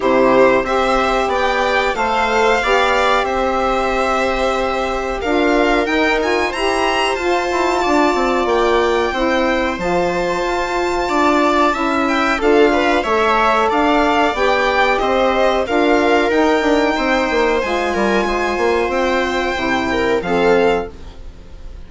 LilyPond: <<
  \new Staff \with { instrumentName = "violin" } { \time 4/4 \tempo 4 = 92 c''4 e''4 g''4 f''4~ | f''4 e''2. | f''4 g''8 gis''8 ais''4 a''4~ | a''4 g''2 a''4~ |
a''2~ a''8 g''8 f''4 | e''4 f''4 g''4 dis''4 | f''4 g''2 gis''4~ | gis''4 g''2 f''4 | }
  \new Staff \with { instrumentName = "viola" } { \time 4/4 g'4 c''4 d''4 c''4 | d''4 c''2. | ais'2 c''2 | d''2 c''2~ |
c''4 d''4 e''4 a'8 b'8 | cis''4 d''2 c''4 | ais'2 c''4. ais'8 | c''2~ c''8 ais'8 a'4 | }
  \new Staff \with { instrumentName = "saxophone" } { \time 4/4 e'4 g'2 a'4 | g'1 | f'4 dis'8 f'8 g'4 f'4~ | f'2 e'4 f'4~ |
f'2 e'4 f'4 | a'2 g'2 | f'4 dis'2 f'4~ | f'2 e'4 c'4 | }
  \new Staff \with { instrumentName = "bassoon" } { \time 4/4 c4 c'4 b4 a4 | b4 c'2. | d'4 dis'4 e'4 f'8 e'8 | d'8 c'8 ais4 c'4 f4 |
f'4 d'4 cis'4 d'4 | a4 d'4 b4 c'4 | d'4 dis'8 d'8 c'8 ais8 gis8 g8 | gis8 ais8 c'4 c4 f4 | }
>>